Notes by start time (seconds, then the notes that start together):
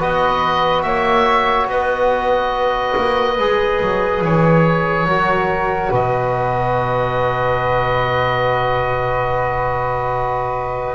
0.00 B3 F#4 B4 D#5
0.83 A#3 C#5 E5
1.68 B3 B4 D#5
2.97 A#3
3.39 G#3 G#4
3.82 F#3
4.22 E3 C#5
5.05 F#3 F#4 A#4
5.90 B2 B4 D#5